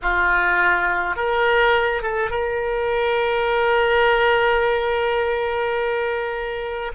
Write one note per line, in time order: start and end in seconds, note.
0.02 1.15 F4
1.15 2.02 A#4
2.02 2.30 A4
2.30 6.92 A#4